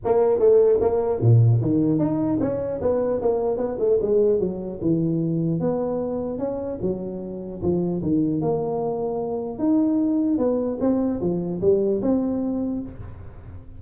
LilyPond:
\new Staff \with { instrumentName = "tuba" } { \time 4/4 \tempo 4 = 150 ais4 a4 ais4 ais,4 | dis4 dis'4 cis'4 b4 | ais4 b8 a8 gis4 fis4 | e2 b2 |
cis'4 fis2 f4 | dis4 ais2. | dis'2 b4 c'4 | f4 g4 c'2 | }